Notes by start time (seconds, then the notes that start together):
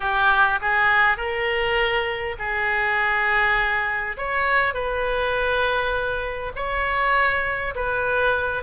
0.00 G4
0.61 G#4
1.17 A#4
2.38 G#4
4.17 C#5
4.74 B4
6.55 C#5
7.75 B4